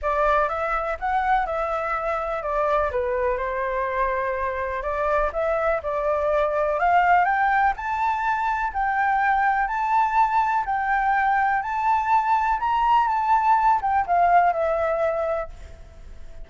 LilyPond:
\new Staff \with { instrumentName = "flute" } { \time 4/4 \tempo 4 = 124 d''4 e''4 fis''4 e''4~ | e''4 d''4 b'4 c''4~ | c''2 d''4 e''4 | d''2 f''4 g''4 |
a''2 g''2 | a''2 g''2 | a''2 ais''4 a''4~ | a''8 g''8 f''4 e''2 | }